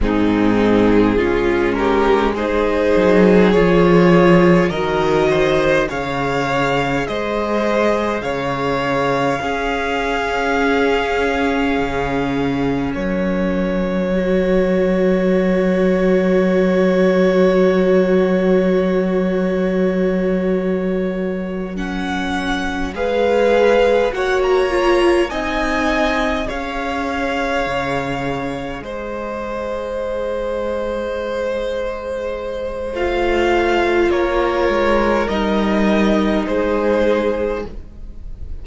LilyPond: <<
  \new Staff \with { instrumentName = "violin" } { \time 4/4 \tempo 4 = 51 gis'4. ais'8 c''4 cis''4 | dis''4 f''4 dis''4 f''4~ | f''2. cis''4~ | cis''1~ |
cis''2~ cis''8 fis''4 f''8~ | f''8 fis''16 ais''8. gis''4 f''4.~ | f''8 dis''2.~ dis''8 | f''4 cis''4 dis''4 c''4 | }
  \new Staff \with { instrumentName = "violin" } { \time 4/4 dis'4 f'8 g'8 gis'2 | ais'8 c''8 cis''4 c''4 cis''4 | gis'2. ais'4~ | ais'1~ |
ais'2.~ ais'8 b'8~ | b'8 cis''4 dis''4 cis''4.~ | cis''8 c''2.~ c''8~ | c''4 ais'2 gis'4 | }
  \new Staff \with { instrumentName = "viola" } { \time 4/4 c'4 cis'4 dis'4 f'4 | fis'4 gis'2. | cis'1 | fis'1~ |
fis'2~ fis'8 cis'4 gis'8~ | gis'8 fis'8 f'8 dis'4 gis'4.~ | gis'1 | f'2 dis'2 | }
  \new Staff \with { instrumentName = "cello" } { \time 4/4 gis,4 gis4. fis8 f4 | dis4 cis4 gis4 cis4 | cis'2 cis4 fis4~ | fis1~ |
fis2.~ fis8 gis8~ | gis8 ais4 c'4 cis'4 cis8~ | cis8 gis2.~ gis8 | a4 ais8 gis8 g4 gis4 | }
>>